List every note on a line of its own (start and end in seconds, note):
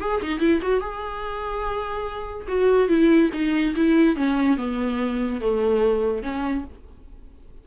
0.00 0.21 G#4
0.22 0.39 D#4
0.39 0.60 E4
0.62 0.80 F#4
0.80 2.47 G#4
2.48 2.88 F#4
2.88 3.30 E4
3.33 3.74 D#4
3.75 4.16 E4
4.16 4.57 C#4
4.57 5.41 B3
5.41 6.23 A3
6.23 6.64 C#4